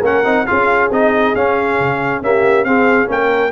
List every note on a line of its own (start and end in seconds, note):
0.00 0.24 A#3
0.00 0.24 C#4
0.00 0.44 A#4
0.00 0.46 F#5
0.24 0.46 C4
0.24 0.46 D#4
0.46 0.89 C#4
0.46 0.90 F4
0.46 2.22 G#4
0.46 0.90 F5
0.89 1.33 C4
0.89 1.35 D#4
0.89 1.35 D#5
1.35 1.79 C#4
1.35 2.23 C#4
1.35 2.22 F5
1.79 2.21 C#3
2.21 2.66 A#3
2.21 2.64 C#4
2.21 2.66 G4
2.21 2.64 E5
2.64 3.07 C4
2.64 3.06 C4
2.64 3.09 G#4
2.64 3.08 F5
3.06 3.51 A#3
3.06 3.50 C#4
3.06 3.51 A#4
3.06 3.51 G5